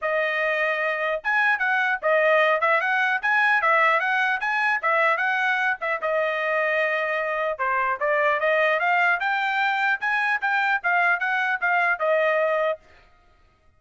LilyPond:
\new Staff \with { instrumentName = "trumpet" } { \time 4/4 \tempo 4 = 150 dis''2. gis''4 | fis''4 dis''4. e''8 fis''4 | gis''4 e''4 fis''4 gis''4 | e''4 fis''4. e''8 dis''4~ |
dis''2. c''4 | d''4 dis''4 f''4 g''4~ | g''4 gis''4 g''4 f''4 | fis''4 f''4 dis''2 | }